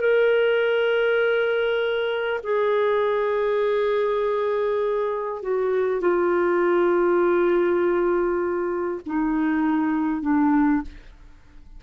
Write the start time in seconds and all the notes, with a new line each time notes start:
0.00 A#4
2.43 G#4
5.42 F#4
6.01 F4
9.05 D#4
10.22 D4